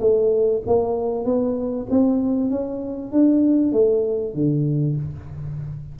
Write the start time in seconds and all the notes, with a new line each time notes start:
0.00 A3
0.66 A#3
1.25 B3
1.90 C4
2.50 C#4
3.12 D4
3.72 A3
4.34 D3